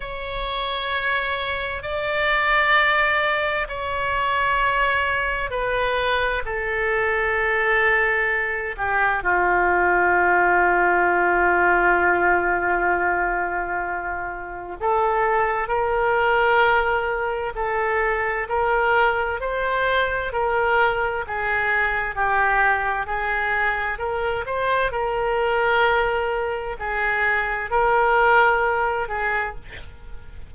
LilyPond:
\new Staff \with { instrumentName = "oboe" } { \time 4/4 \tempo 4 = 65 cis''2 d''2 | cis''2 b'4 a'4~ | a'4. g'8 f'2~ | f'1 |
a'4 ais'2 a'4 | ais'4 c''4 ais'4 gis'4 | g'4 gis'4 ais'8 c''8 ais'4~ | ais'4 gis'4 ais'4. gis'8 | }